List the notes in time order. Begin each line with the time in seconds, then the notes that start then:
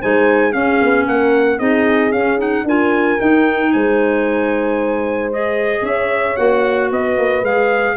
0.00 G#3 D#4 C5 G#5
0.52 C#4 G#4 F5
0.82 B3
1.07 A#3 A#4 F#5
1.59 C4 D#4 G#4 D#5
2.12 C#4 F5
2.38 D#4 F#5
2.64 D4 F4 A#4 G#5
3.20 D#4 G5
3.72 G#3 C5 G#5
5.32 G#4 D#5
5.82 C#4 C#5 E5
6.37 A#3 F#4 F#5
6.90 B3 B4 D#5
7.17 A#3
7.42 G#3 G#4 F5